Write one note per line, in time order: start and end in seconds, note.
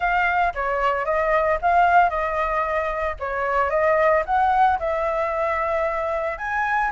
0.00 0.53 F5
0.54 1.05 C#5
1.05 1.58 D#5
1.61 2.09 F5
2.09 3.15 D#5
3.19 3.70 C#5
3.70 4.23 D#5
4.25 4.78 F#5
4.79 6.38 E5
6.38 6.91 G#5